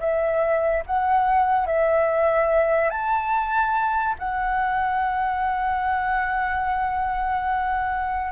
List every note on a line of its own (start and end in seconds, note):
0.00 0.83 E5
0.86 1.67 F#5
1.67 2.90 E5
2.90 4.15 A5
4.19 8.32 F#5